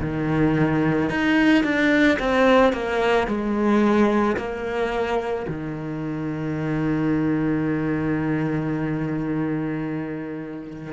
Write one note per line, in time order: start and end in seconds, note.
0.00 1.09 D#3
1.09 1.63 D#4
1.63 2.18 D4
2.19 2.73 C4
2.73 3.27 A#3
3.27 4.36 G#3
4.36 5.45 A#3
5.47 10.92 D#3